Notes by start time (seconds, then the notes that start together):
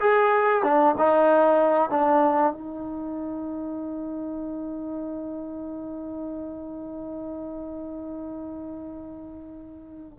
0.00 G#4
0.63 D4
0.98 D#4
1.90 D4
2.53 D#4